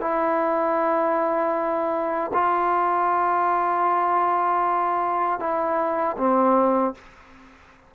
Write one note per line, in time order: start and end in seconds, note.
0.00 2.31 E4
2.33 5.39 F4
5.39 6.16 E4
6.17 6.94 C4